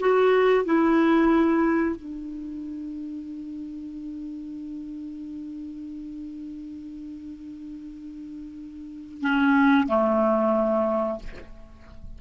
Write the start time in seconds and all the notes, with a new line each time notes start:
0.00 F#4
0.65 E4
1.96 D4
9.21 C#4
9.88 A3